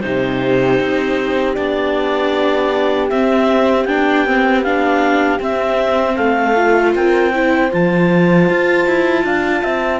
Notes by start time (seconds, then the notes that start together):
0.00 C3 D#4 G4 C5
0.80 C4
1.54 B3 D4 D5
3.09 C4 E5
3.85 B3 D4 G5
4.26 C4
4.63 D4 F5
5.39 C4 E5
6.16 A3 A4 F5
6.56 F4
6.95 C4 A#4 G5
7.34 E4 C5
7.71 F3 F4 A5
8.49 F4
8.86 E4
9.24 D4 F5
9.63 C4 E5